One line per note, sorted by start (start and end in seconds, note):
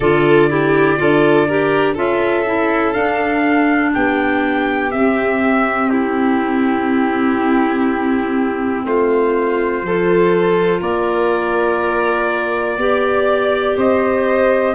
0.00 0.96 D3
0.00 0.49 F4
0.00 0.49 A4
0.00 1.96 D5
0.49 0.98 E4
0.49 0.99 G4
0.98 1.96 D4
0.98 1.47 F4
0.98 1.47 A4
1.47 1.96 G4
1.47 1.93 A#4
1.93 2.94 C#4
1.93 2.45 F4
1.93 3.90 A4
1.93 2.93 E5
2.45 2.94 E4
2.93 4.90 D4
2.93 3.94 D4
2.93 3.91 F5
3.94 4.94 B3
3.94 5.90 G4
3.94 4.91 G5
4.91 9.83 C4
4.91 8.85 C4
4.91 5.89 E5
5.89 8.85 E4
5.89 8.84 G4
8.85 9.82 A3
8.85 9.85 F4
8.85 10.82 C5
9.82 10.80 F3
9.82 12.78 F4
9.82 10.81 A4
10.81 12.77 A#3
10.81 12.77 A#4
10.81 13.77 D5
12.77 13.75 B3
12.77 14.74 G4
12.77 13.76 D5
13.76 14.74 C4
13.76 14.74 C5
13.76 14.74 D#5